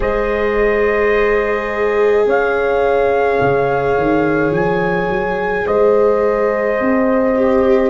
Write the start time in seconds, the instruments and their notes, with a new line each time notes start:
0.00 tuba G#3, viola G#4, horn C5, trumpet D#5
2.26 tuba C#4, horn C#5, trumpet F5
3.40 tuba C#3
3.97 tuba D#3
4.50 tuba F3, trumpet G#5
5.08 tuba F#3
5.65 tuba G#3, horn C5, trumpet D#5
6.80 tuba C4
7.36 viola G4